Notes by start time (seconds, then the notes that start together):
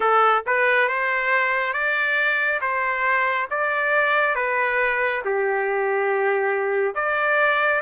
0.00 A4
0.46 B4
0.88 C5
1.73 D5
2.61 C5
3.50 D5
4.35 B4
5.25 G4
6.94 D5